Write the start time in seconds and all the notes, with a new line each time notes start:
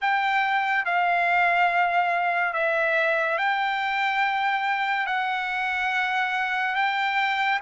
0.01 G5
0.85 F5
2.53 E5
3.38 G5
5.06 F#5
6.75 G5